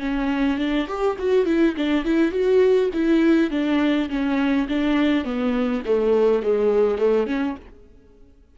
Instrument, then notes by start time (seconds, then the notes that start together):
viola
0.00 C#4
0.58 D4
0.87 G4
1.19 F#4
1.46 E4
1.77 D4
2.04 E4
2.31 F#4
2.93 E4
3.51 D4
4.09 C#4
4.69 D4
5.25 B3
5.85 A3
6.43 G#3
6.98 A3
7.27 C#4